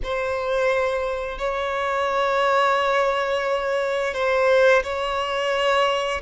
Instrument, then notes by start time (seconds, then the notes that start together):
violin
0.03 C5
1.38 C#5
4.13 C5
4.83 C#5